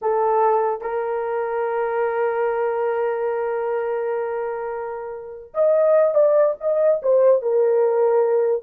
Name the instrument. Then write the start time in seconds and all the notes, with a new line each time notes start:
horn
0.01 A4
0.81 A#4
5.54 D#5
6.14 D5
6.60 D#5
7.02 C5
7.42 A#4